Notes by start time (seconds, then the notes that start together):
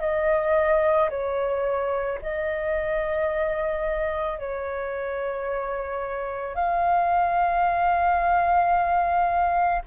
0.00 D#5
1.10 C#5
2.21 D#5
4.38 C#5
6.55 F5